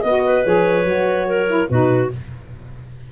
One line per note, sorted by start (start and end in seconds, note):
0.00 0.45 B3
0.00 0.21 D#5
0.00 0.44 D#5
0.06 0.44 F#4
0.25 1.27 B4
0.44 0.85 F3
0.44 0.86 G#4
0.44 1.68 C#5
0.85 1.68 F#3
0.85 1.47 F#4
1.27 1.69 A#4
1.47 1.68 E4
1.68 2.11 B2
1.68 2.11 D#4
1.68 2.11 F#4
1.68 2.10 B4